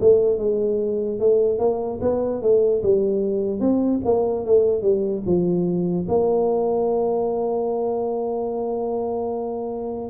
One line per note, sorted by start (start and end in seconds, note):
0.00 0.38 A3
0.38 1.19 G#3
1.20 1.58 A3
1.58 1.99 A#3
2.01 2.42 B3
2.42 2.82 A3
2.82 3.60 G3
3.60 4.00 C4
4.05 4.45 A#3
4.45 4.82 A3
4.82 5.23 G3
5.26 6.07 F3
6.08 10.09 A#3